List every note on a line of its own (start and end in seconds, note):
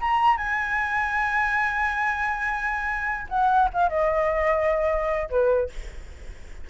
0.00 0.37 A#5
0.37 3.27 G#5
3.29 3.69 F#5
3.73 3.89 F5
3.89 5.29 D#5
5.29 5.69 B4